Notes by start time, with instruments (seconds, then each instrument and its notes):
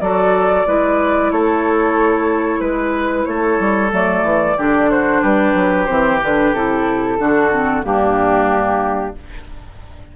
0.00 bassoon F#3, clarinet F#4, oboe A4, flute D5
0.66 bassoon G#3, clarinet E4, oboe B4
1.31 bassoon A3, oboe A4, flute C#5
2.59 bassoon G#3, oboe B4, flute B4
3.25 bassoon A3, oboe A4, flute C#5
3.59 bassoon G3
3.90 bassoon F#3, clarinet A3, flute D5
4.23 bassoon E3
4.57 bassoon D3, clarinet D4, oboe G4
4.90 oboe F#4, flute C5
5.21 bassoon G3, oboe G4, flute B4
5.54 bassoon F#3
5.85 bassoon E3, clarinet C4, flute C5
6.22 bassoon D3, clarinet D4, flute B4
6.52 bassoon C3, clarinet E4, flute A4
7.18 bassoon D3, clarinet D4, oboe F#4
7.51 clarinet C4
7.83 bassoon G2, clarinet A#3, oboe D4, flute G4